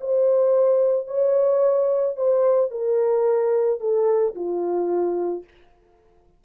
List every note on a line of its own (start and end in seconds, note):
0.00 1.07 C5
1.07 2.16 C#5
2.16 2.70 C5
2.70 3.80 A#4
3.80 4.34 A4
4.35 5.44 F4